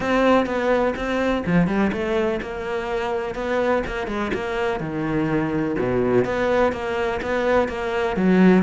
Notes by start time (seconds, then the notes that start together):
0.00 C4
0.46 B3
0.95 C4
1.46 F3
1.67 G3
1.92 A3
2.41 A#3
3.34 B3
3.86 A#3
4.07 G#3
4.34 A#3
4.80 D#3
5.78 B2
6.24 B3
6.72 A#3
7.22 B3
7.68 A#3
8.16 F#3